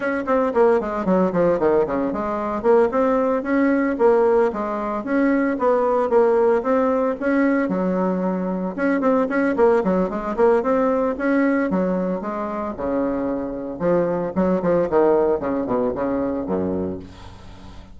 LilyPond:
\new Staff \with { instrumentName = "bassoon" } { \time 4/4 \tempo 4 = 113 cis'8 c'8 ais8 gis8 fis8 f8 dis8 cis8 | gis4 ais8 c'4 cis'4 ais8~ | ais8 gis4 cis'4 b4 ais8~ | ais8 c'4 cis'4 fis4.~ |
fis8 cis'8 c'8 cis'8 ais8 fis8 gis8 ais8 | c'4 cis'4 fis4 gis4 | cis2 f4 fis8 f8 | dis4 cis8 b,8 cis4 fis,4 | }